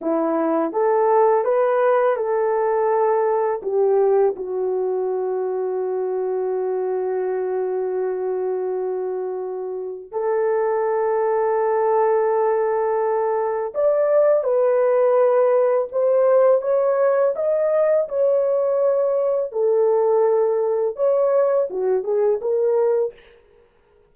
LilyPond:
\new Staff \with { instrumentName = "horn" } { \time 4/4 \tempo 4 = 83 e'4 a'4 b'4 a'4~ | a'4 g'4 fis'2~ | fis'1~ | fis'2 a'2~ |
a'2. d''4 | b'2 c''4 cis''4 | dis''4 cis''2 a'4~ | a'4 cis''4 fis'8 gis'8 ais'4 | }